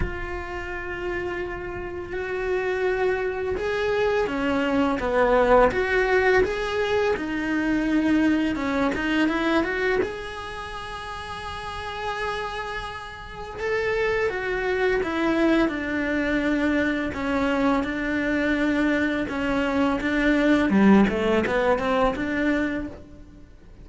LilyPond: \new Staff \with { instrumentName = "cello" } { \time 4/4 \tempo 4 = 84 f'2. fis'4~ | fis'4 gis'4 cis'4 b4 | fis'4 gis'4 dis'2 | cis'8 dis'8 e'8 fis'8 gis'2~ |
gis'2. a'4 | fis'4 e'4 d'2 | cis'4 d'2 cis'4 | d'4 g8 a8 b8 c'8 d'4 | }